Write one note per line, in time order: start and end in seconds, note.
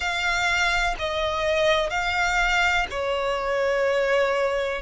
0.00 0.95 F5
0.99 1.90 D#5
1.90 2.86 F5
2.90 4.81 C#5